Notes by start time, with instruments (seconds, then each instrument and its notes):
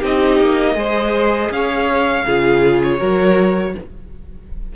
0.00 cello C4, viola D#4, violin G4 D#5
0.40 cello A#3
0.75 cello G#3, viola G#4, violin C5
1.50 cello C#4, violin C#5 F5
2.26 cello C#3, viola F4, violin G#4
2.83 violin C#5
2.99 cello F#3, viola F#4, violin A#4